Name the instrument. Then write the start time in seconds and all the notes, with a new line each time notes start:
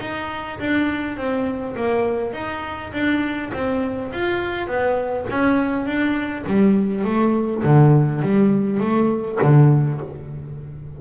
double bass
0.00 D#4
0.59 D4
1.16 C4
1.76 A#3
2.33 D#4
2.93 D4
3.53 C4
4.12 F4
4.67 B3
5.29 C#4
5.86 D4
6.46 G3
7.04 A3
7.63 D3
8.22 G3
8.80 A3
9.42 D3